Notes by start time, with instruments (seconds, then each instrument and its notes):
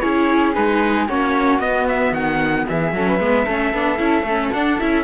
0.00 cello C#4, viola E4, flute G#4, trumpet C#5
0.55 cello G#3, viola D#4, trumpet B4
1.08 cello A#3, viola C#4, flute F#4, trumpet C#5
1.59 cello B3, viola B3, trumpet D#5
1.88 trumpet E5
2.12 cello D#3, trumpet F#5
2.67 cello E3, flute G#4, trumpet E5
2.92 cello F#3, viola C#4, flute A4
3.08 flute B4
3.19 cello G#3, viola B3
3.45 cello A3, viola C#4, flute A4
3.73 cello B3, viola D4
3.98 cello C#4, viola E4
4.23 cello A3, viola C#4
4.52 cello D4, viola D4, trumpet F#5
4.80 cello C#4, viola E4, trumpet E5